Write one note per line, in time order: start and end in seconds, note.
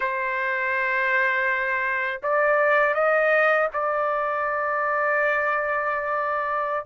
0.00 2.20 C5
2.22 2.94 D5
2.94 3.68 D#5
3.73 6.85 D5